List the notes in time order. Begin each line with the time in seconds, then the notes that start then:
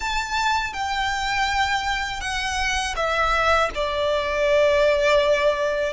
0.00 A5
0.73 G5
2.21 F#5
2.96 E5
3.74 D5